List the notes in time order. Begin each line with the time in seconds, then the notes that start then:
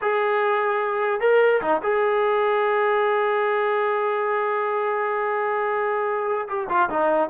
0.01 G#4
1.20 A#4
1.61 D#4
1.82 G#4
6.48 G4
6.69 F4
6.89 D#4